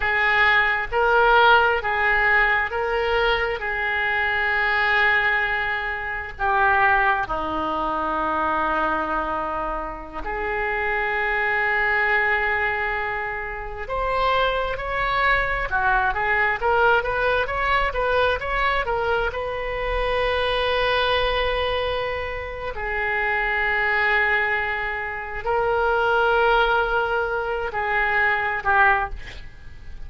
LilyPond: \new Staff \with { instrumentName = "oboe" } { \time 4/4 \tempo 4 = 66 gis'4 ais'4 gis'4 ais'4 | gis'2. g'4 | dis'2.~ dis'16 gis'8.~ | gis'2.~ gis'16 c''8.~ |
c''16 cis''4 fis'8 gis'8 ais'8 b'8 cis''8 b'16~ | b'16 cis''8 ais'8 b'2~ b'8.~ | b'4 gis'2. | ais'2~ ais'8 gis'4 g'8 | }